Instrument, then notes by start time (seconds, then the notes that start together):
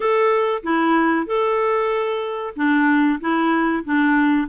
clarinet
0.00 A4
0.63 E4
1.26 A4
2.55 D4
3.20 E4
3.84 D4